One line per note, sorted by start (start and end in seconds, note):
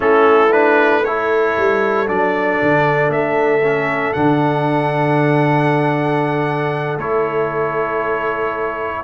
0.00 1.56 A3
0.00 0.48 C#4
0.00 1.03 E4
0.00 0.52 A4
0.52 1.03 D4
0.52 1.04 B4
1.04 2.06 E4
1.04 9.04 A4
1.04 2.07 C#5
1.56 2.08 G3
2.06 2.60 F#3
2.06 3.62 D4
2.06 3.11 D5
2.62 3.08 D3
3.08 4.11 A3
3.08 4.13 E5
3.63 4.15 C#4
4.13 6.97 D3
4.13 6.99 D4
4.13 6.97 F#5
6.97 9.04 A3
6.97 9.04 E4
6.97 9.04 C#5